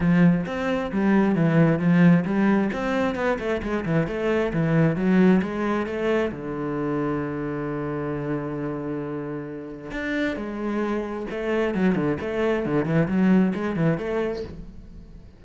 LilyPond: \new Staff \with { instrumentName = "cello" } { \time 4/4 \tempo 4 = 133 f4 c'4 g4 e4 | f4 g4 c'4 b8 a8 | gis8 e8 a4 e4 fis4 | gis4 a4 d2~ |
d1~ | d2 d'4 gis4~ | gis4 a4 fis8 d8 a4 | d8 e8 fis4 gis8 e8 a4 | }